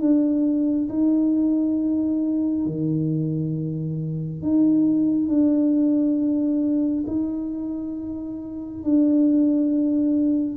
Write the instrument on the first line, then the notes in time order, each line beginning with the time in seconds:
tuba
0.00 D4
0.89 D#4
2.66 D#3
4.42 D#4
5.28 D4
7.07 D#4
8.84 D4